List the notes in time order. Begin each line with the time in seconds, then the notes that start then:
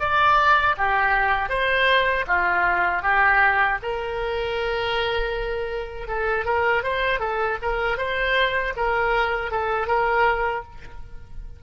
0.00 D5
0.78 G4
1.50 C5
2.28 F4
3.03 G4
3.83 A#4
6.08 A4
6.46 A#4
6.84 C5
7.20 A4
7.63 A#4
7.98 C5
8.77 A#4
9.52 A4
9.88 A#4